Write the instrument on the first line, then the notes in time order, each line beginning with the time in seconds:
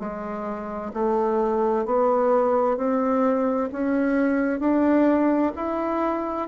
bassoon
0.00 G#3
0.94 A3
1.86 B3
2.77 C4
3.73 C#4
4.60 D4
5.56 E4